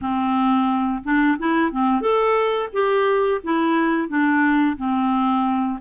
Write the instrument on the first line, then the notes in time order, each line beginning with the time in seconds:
clarinet
0.01 C4
1.03 D4
1.38 E4
1.71 C4
2.01 A4
2.73 G4
3.43 E4
4.08 D4
4.76 C4